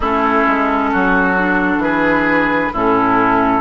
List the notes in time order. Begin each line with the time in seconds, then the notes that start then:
0.00 A3 C#4 E4 A4
0.46 G#3
0.92 F#3 F#4
1.37 D4
1.77 E3 G#4 B4
2.72 A2 C#4 E4 A4